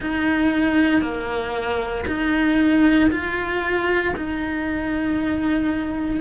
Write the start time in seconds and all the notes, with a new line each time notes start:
0.00 D#4
1.01 A#3
2.07 D#4
3.10 F4
4.16 D#4